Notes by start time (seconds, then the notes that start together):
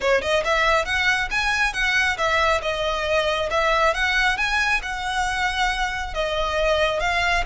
0.00 C#5
0.21 D#5
0.44 E5
0.85 F#5
1.31 G#5
1.73 F#5
2.17 E5
2.62 D#5
3.50 E5
3.94 F#5
4.37 G#5
4.82 F#5
6.14 D#5
7.00 F5